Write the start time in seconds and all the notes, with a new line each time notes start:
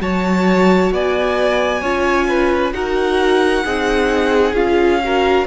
0.00 F#3 F#4 C#5 A5
0.91 B3 D5 G#5
1.81 C#4 F4 C#5
2.28 B4
2.73 D#4 F#4 A#4 F#5
3.64 C4 D#4 G#4
4.53 C#4 F4 F5
5.04 F#4 A#4